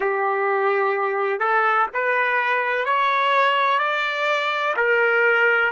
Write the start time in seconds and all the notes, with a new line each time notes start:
0.00 G4
1.39 A4
1.93 B4
2.85 C#5
3.78 D5
4.76 A#4